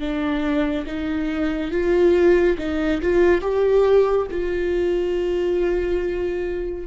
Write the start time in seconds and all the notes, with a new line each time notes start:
0.00 D4
0.87 D#4
1.72 F4
2.59 D#4
3.02 F4
3.42 G4
4.31 F4